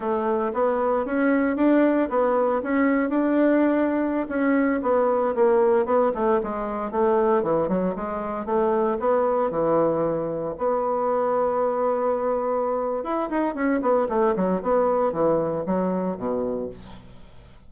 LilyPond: \new Staff \with { instrumentName = "bassoon" } { \time 4/4 \tempo 4 = 115 a4 b4 cis'4 d'4 | b4 cis'4 d'2~ | d'16 cis'4 b4 ais4 b8 a16~ | a16 gis4 a4 e8 fis8 gis8.~ |
gis16 a4 b4 e4.~ e16~ | e16 b2.~ b8.~ | b4 e'8 dis'8 cis'8 b8 a8 fis8 | b4 e4 fis4 b,4 | }